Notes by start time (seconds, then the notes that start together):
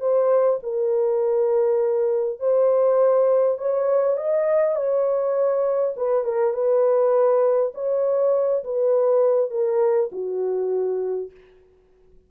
0.00 C5
0.63 A#4
2.40 C5
3.58 C#5
4.17 D#5
4.76 C#5
5.96 B4
6.24 A#4
6.54 B4
7.74 C#5
8.64 B4
9.50 A#4
10.12 F#4